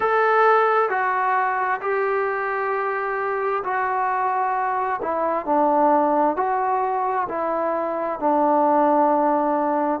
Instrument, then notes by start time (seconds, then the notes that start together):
trombone
0.00 A4
0.89 F#4
1.81 G4
3.64 F#4
5.02 E4
5.45 D4
6.36 F#4
7.28 E4
8.19 D4